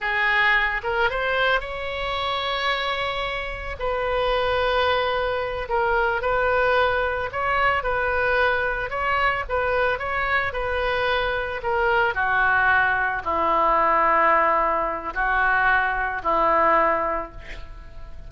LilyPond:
\new Staff \with { instrumentName = "oboe" } { \time 4/4 \tempo 4 = 111 gis'4. ais'8 c''4 cis''4~ | cis''2. b'4~ | b'2~ b'8 ais'4 b'8~ | b'4. cis''4 b'4.~ |
b'8 cis''4 b'4 cis''4 b'8~ | b'4. ais'4 fis'4.~ | fis'8 e'2.~ e'8 | fis'2 e'2 | }